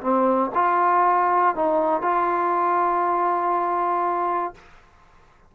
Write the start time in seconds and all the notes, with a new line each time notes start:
0.00 C4
0.54 F4
1.55 D#4
2.01 F4